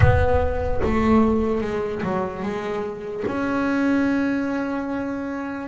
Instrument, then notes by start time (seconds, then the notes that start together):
double bass
0.00 B3
0.83 A3
1.61 G#3
2.02 F#3
2.42 G#3
3.27 C#4